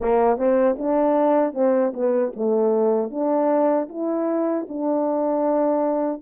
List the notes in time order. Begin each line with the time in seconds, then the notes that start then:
0.00 A#3
0.37 C4
0.78 D4
1.53 C4
1.93 B3
2.36 A3
3.10 D4
3.88 E4
4.68 D4